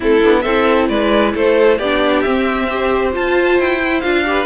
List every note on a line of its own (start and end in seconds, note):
0.00 0.24 A3
0.00 0.21 C4
0.00 0.43 E4
0.00 0.41 A4
0.23 0.45 B3
0.23 0.45 D4
0.41 0.89 C4
0.41 1.81 E4
0.41 0.87 A4
0.41 0.86 E5
0.88 1.34 G#3
0.88 1.33 B4
0.88 1.33 D5
1.34 1.79 A3
1.34 1.78 A4
1.34 1.78 C5
1.78 2.24 B3
1.78 2.26 D4
1.78 2.67 G4
1.78 2.21 D5
2.21 3.15 C4
2.21 2.69 C4
2.21 3.11 E5
2.68 3.12 G4
2.68 4.25 C5
3.12 3.79 F4
3.12 3.58 F4
3.12 3.59 A5
3.58 4.03 E4
3.58 4.00 G5
3.80 4.02 E4
4.00 4.45 D4
4.00 4.25 F4
4.00 4.45 F5
4.25 4.45 G4
4.25 4.45 B4